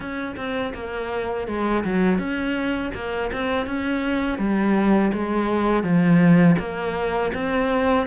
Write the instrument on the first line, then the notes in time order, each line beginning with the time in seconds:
cello
0.00 C#4
0.36 C4
0.74 A#3
1.47 G#3
1.84 F#3
2.18 C#4
2.94 A#3
3.32 C4
3.66 C#4
4.38 G3
5.13 G#3
5.83 F3
6.58 A#3
7.34 C4